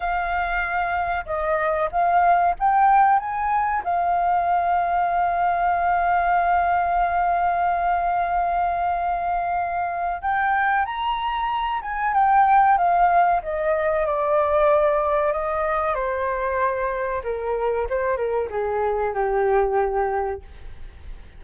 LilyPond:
\new Staff \with { instrumentName = "flute" } { \time 4/4 \tempo 4 = 94 f''2 dis''4 f''4 | g''4 gis''4 f''2~ | f''1~ | f''1 |
g''4 ais''4. gis''8 g''4 | f''4 dis''4 d''2 | dis''4 c''2 ais'4 | c''8 ais'8 gis'4 g'2 | }